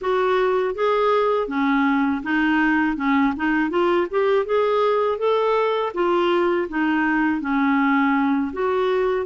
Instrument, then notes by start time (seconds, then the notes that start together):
clarinet
0.01 F#4
0.74 G#4
1.47 C#4
2.23 D#4
2.96 C#4
3.36 D#4
3.70 F4
4.10 G4
4.45 G#4
5.18 A4
5.94 F4
6.69 D#4
7.40 C#4
8.52 F#4